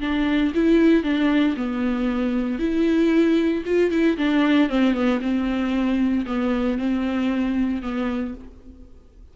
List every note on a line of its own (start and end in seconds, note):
0.00 0.52 D4
0.54 1.03 E4
1.03 1.55 D4
1.56 2.59 B3
2.59 3.63 E4
3.65 3.90 F4
3.90 4.16 E4
4.17 4.69 D4
4.69 4.94 C4
4.94 5.20 B3
5.21 6.25 C4
6.26 6.78 B3
6.78 7.82 C4
7.82 8.34 B3